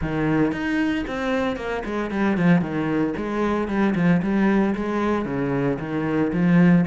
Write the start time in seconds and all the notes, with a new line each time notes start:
0.01 D#3
0.52 D#4
1.07 C4
1.56 A#3
1.85 G#3
2.11 G3
2.37 F3
2.61 D#3
3.16 G#3
3.67 G3
3.95 F3
4.22 G3
4.75 G#3
5.25 C#3
5.79 D#3
6.32 F3